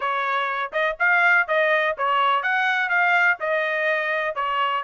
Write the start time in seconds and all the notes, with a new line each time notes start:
0.00 C#5
0.72 D#5
0.99 F5
1.47 D#5
1.97 C#5
2.42 F#5
2.89 F5
3.40 D#5
4.35 C#5